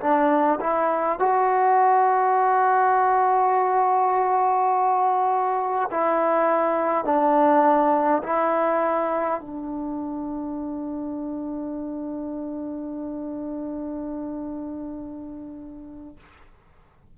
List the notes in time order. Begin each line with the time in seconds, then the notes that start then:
0.00 D4
0.60 E4
1.19 F#4
5.91 E4
7.05 D4
8.23 E4
9.41 D4